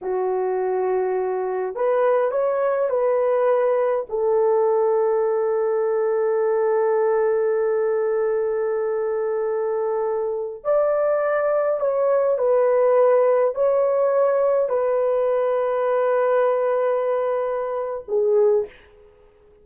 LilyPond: \new Staff \with { instrumentName = "horn" } { \time 4/4 \tempo 4 = 103 fis'2. b'4 | cis''4 b'2 a'4~ | a'1~ | a'1~ |
a'2~ a'16 d''4.~ d''16~ | d''16 cis''4 b'2 cis''8.~ | cis''4~ cis''16 b'2~ b'8.~ | b'2. gis'4 | }